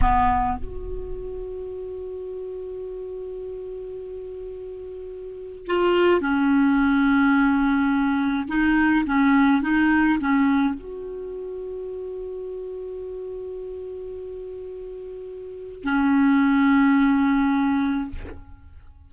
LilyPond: \new Staff \with { instrumentName = "clarinet" } { \time 4/4 \tempo 4 = 106 b4 fis'2.~ | fis'1~ | fis'2 f'4 cis'4~ | cis'2. dis'4 |
cis'4 dis'4 cis'4 fis'4~ | fis'1~ | fis'1 | cis'1 | }